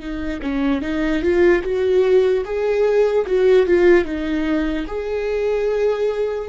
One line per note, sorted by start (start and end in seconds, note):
0.00 0.41 D#4
0.42 0.82 C#4
0.82 1.23 D#4
1.23 1.63 F4
1.64 2.45 F#4
2.45 3.26 G#4
3.27 3.67 F#4
3.67 4.05 F4
4.05 4.86 D#4
4.88 6.49 G#4